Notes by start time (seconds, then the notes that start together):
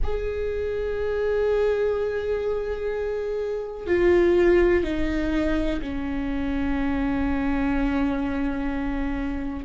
0.03 G#4
3.86 F4
4.83 D#4
5.81 C#4